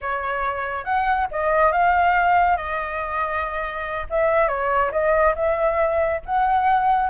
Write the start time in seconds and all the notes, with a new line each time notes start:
0.01 C#5
0.84 F#5
1.31 D#5
1.72 F5
2.57 D#5
4.10 E5
4.47 C#5
4.91 D#5
5.35 E5
6.25 F#5